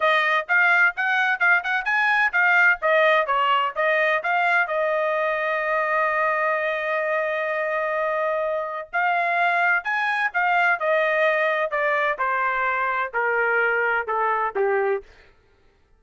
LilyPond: \new Staff \with { instrumentName = "trumpet" } { \time 4/4 \tempo 4 = 128 dis''4 f''4 fis''4 f''8 fis''8 | gis''4 f''4 dis''4 cis''4 | dis''4 f''4 dis''2~ | dis''1~ |
dis''2. f''4~ | f''4 gis''4 f''4 dis''4~ | dis''4 d''4 c''2 | ais'2 a'4 g'4 | }